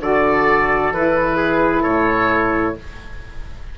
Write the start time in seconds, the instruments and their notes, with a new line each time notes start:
0.00 bassoon D3, saxophone F#4, trumpet A4, oboe D5
0.91 bassoon E3, saxophone E4, oboe B4
1.37 trumpet G#4
1.82 bassoon A2, trumpet A4, oboe C#5